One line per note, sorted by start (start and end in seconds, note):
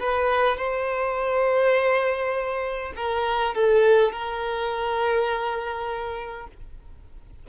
0.00 0.58 B4
0.58 2.93 C5
2.96 3.55 A#4
3.55 4.12 A4
4.12 6.48 A#4